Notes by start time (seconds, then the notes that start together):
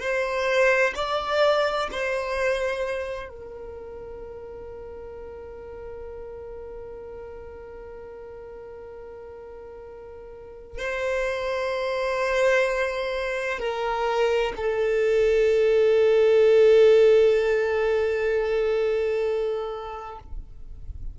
0.00 C5
0.95 D5
1.91 C5
3.29 A#4
10.79 C5
13.59 A#4
14.57 A4